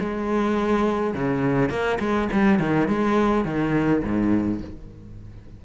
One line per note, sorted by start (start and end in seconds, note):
0.00 1.14 G#3
1.14 1.69 C#3
1.69 1.98 A#3
2.00 2.28 G#3
2.32 2.59 G3
2.59 2.88 D#3
2.88 3.45 G#3
3.45 4.03 D#3
4.03 4.61 G#2